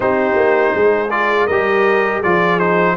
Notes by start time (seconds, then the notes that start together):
0.00 C4 D#4 G4 C5
0.35 A#3
0.74 G#3 G#4
1.10 F4 D5
1.46 G3 G4 A#4 D#5
2.18 F3 F4 G#4 D5
2.59 D#4 C5